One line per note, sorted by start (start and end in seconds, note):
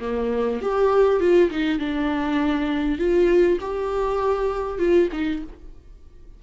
0.00 0.60 A#3
0.61 1.20 G4
1.20 1.50 F4
1.50 1.79 D#4
1.79 2.98 D4
2.98 3.58 F4
3.61 4.78 G4
4.78 5.08 F4
5.12 5.42 D#4